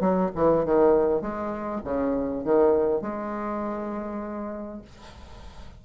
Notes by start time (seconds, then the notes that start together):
0.00 F#3
0.34 E3
0.65 D#3
1.21 G#3
1.84 C#3
2.44 D#3
3.01 G#3